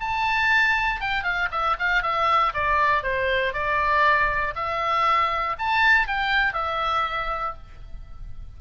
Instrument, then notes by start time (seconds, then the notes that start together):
oboe
0.00 A5
1.00 G5
1.23 F5
1.51 E5
1.79 F5
2.03 E5
2.54 D5
3.03 C5
3.53 D5
4.55 E5
5.58 A5
6.08 G5
6.53 E5